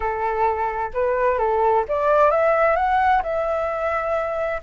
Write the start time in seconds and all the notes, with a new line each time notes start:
0.00 A4
0.93 B4
1.38 A4
1.88 D5
2.31 E5
2.75 F#5
3.22 E5